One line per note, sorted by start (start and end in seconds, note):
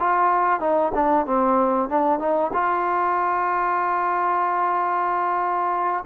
0.00 0.61 F4
0.61 0.93 D#4
0.95 1.26 D4
1.26 1.90 C4
1.90 2.20 D4
2.20 2.52 D#4
2.54 6.05 F4